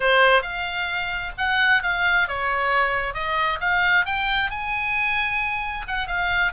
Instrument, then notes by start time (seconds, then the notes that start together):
oboe
0.00 C5
0.41 F5
1.37 F#5
1.82 F5
2.27 C#5
3.14 D#5
3.60 F5
4.05 G5
4.50 G#5
5.87 F#5
6.07 F5